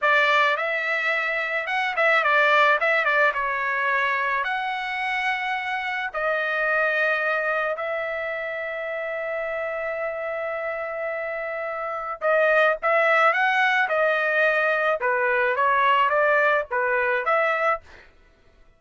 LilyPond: \new Staff \with { instrumentName = "trumpet" } { \time 4/4 \tempo 4 = 108 d''4 e''2 fis''8 e''8 | d''4 e''8 d''8 cis''2 | fis''2. dis''4~ | dis''2 e''2~ |
e''1~ | e''2 dis''4 e''4 | fis''4 dis''2 b'4 | cis''4 d''4 b'4 e''4 | }